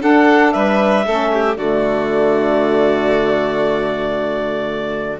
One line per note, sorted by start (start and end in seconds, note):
0.00 1.03 D4
0.00 0.54 D4
0.00 0.53 A4
0.00 0.52 F#5
0.52 1.06 G3
0.52 1.05 B4
0.52 1.55 E5
1.05 1.56 A3
1.05 1.55 C#4
1.05 1.31 A4
1.33 1.57 G4
1.55 5.18 D3
1.55 5.17 A3
1.55 5.19 F#4
1.55 5.18 D5